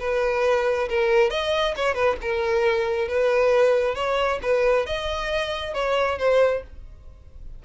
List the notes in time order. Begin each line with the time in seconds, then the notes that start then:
0.00 B4
0.89 A#4
1.31 D#5
1.77 C#5
1.95 B4
2.22 A#4
3.09 B4
3.96 C#5
4.43 B4
4.86 D#5
5.74 C#5
6.19 C5